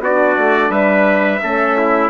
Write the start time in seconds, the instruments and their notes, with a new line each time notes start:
0.00 bassoon B3, horn D4, trumpet F#4 D5
0.38 bassoon A3
0.69 bassoon G3, trumpet B4 E5
1.41 bassoon A3, horn C#4, trumpet A4
1.78 trumpet E4